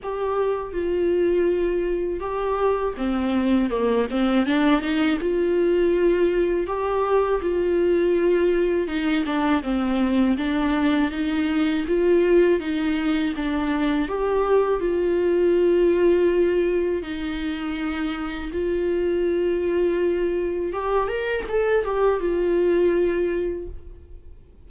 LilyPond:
\new Staff \with { instrumentName = "viola" } { \time 4/4 \tempo 4 = 81 g'4 f'2 g'4 | c'4 ais8 c'8 d'8 dis'8 f'4~ | f'4 g'4 f'2 | dis'8 d'8 c'4 d'4 dis'4 |
f'4 dis'4 d'4 g'4 | f'2. dis'4~ | dis'4 f'2. | g'8 ais'8 a'8 g'8 f'2 | }